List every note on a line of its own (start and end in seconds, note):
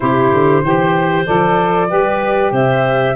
0.00 0.32 C3
0.00 0.62 E4
0.00 0.63 G4
0.00 1.24 C5
0.33 0.63 D3
0.63 1.26 E3
0.63 1.25 G4
0.63 1.89 C5
1.25 1.91 F3
1.25 1.88 A4
1.25 2.52 D5
1.88 2.51 G3
1.88 3.14 G4
1.88 2.51 B4
2.51 3.14 C3
2.51 3.15 C5
2.51 3.15 E5